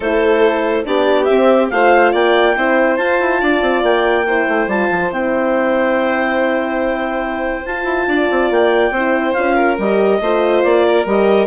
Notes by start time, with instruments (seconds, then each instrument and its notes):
0.00 bassoon A3, horn E4, violin A4, clarinet C5
0.84 bassoon B3, horn D4, violin G4, clarinet D5
1.24 horn C4, bassoon C4, clarinet E5
1.69 bassoon A3, horn F4, violin C5, clarinet F5
2.12 bassoon A#3, violin D5, clarinet G5
2.56 bassoon C4, horn E4, violin C5
2.97 bassoon F4, horn F4, clarinet A5
3.20 bassoon E4
3.40 bassoon D4, violin D5
3.61 bassoon C4
3.82 bassoon A#3, clarinet G5
4.26 horn E4, violin C5
4.48 bassoon A3
4.67 bassoon G3, horn F4, clarinet A5
4.90 bassoon F3
5.11 bassoon C4, horn E4, clarinet G5
7.65 bassoon F4, horn F4, clarinet A5
7.84 bassoon E4
8.07 bassoon D4, violin D5
8.30 bassoon C4
8.50 bassoon A#3, clarinet G5
8.90 bassoon C4, horn E4, violin C5
9.33 bassoon C#4, horn F4, clarinet F5
9.55 violin A#4
9.78 bassoon G3, horn G4, clarinet D#5
10.20 bassoon A3, horn F4, violin C5
10.63 bassoon A#3, clarinet D5
10.86 violin A#4
11.05 bassoon G3, horn G4, clarinet D#5